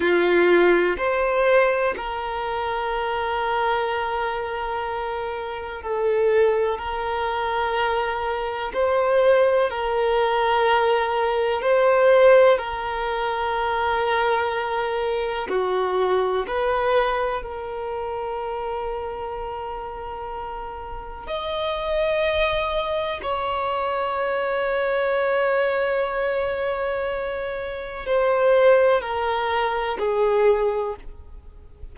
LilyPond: \new Staff \with { instrumentName = "violin" } { \time 4/4 \tempo 4 = 62 f'4 c''4 ais'2~ | ais'2 a'4 ais'4~ | ais'4 c''4 ais'2 | c''4 ais'2. |
fis'4 b'4 ais'2~ | ais'2 dis''2 | cis''1~ | cis''4 c''4 ais'4 gis'4 | }